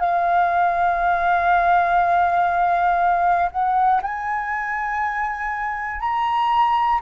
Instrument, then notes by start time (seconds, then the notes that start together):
flute
0.00 F5
3.52 F#5
4.02 G#5
6.00 A#5